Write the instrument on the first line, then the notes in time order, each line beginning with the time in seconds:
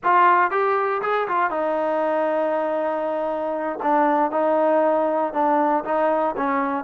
trombone
0.03 F4
0.50 G4
1.02 G#4
1.27 F4
1.50 D#4
3.82 D4
4.31 D#4
5.33 D4
5.84 D#4
6.36 C#4